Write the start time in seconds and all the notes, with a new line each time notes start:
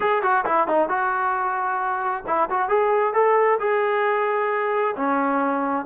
0.00 G#4
0.22 F#4
0.45 E4
0.67 D#4
0.88 F#4
2.26 E4
2.50 F#4
2.68 G#4
3.13 A4
3.59 G#4
4.96 C#4